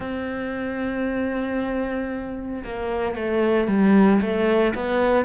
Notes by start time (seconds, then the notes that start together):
0.00 C4
2.64 A#3
3.15 A3
3.67 G3
4.21 A3
4.75 B3